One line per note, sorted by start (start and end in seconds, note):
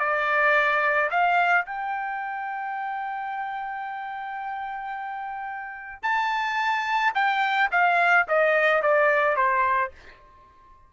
0.00 1.10 D5
1.11 1.66 F5
1.66 6.03 G5
6.03 7.13 A5
7.15 7.70 G5
7.72 8.27 F5
8.29 8.83 D#5
8.83 9.37 D5
9.37 9.92 C5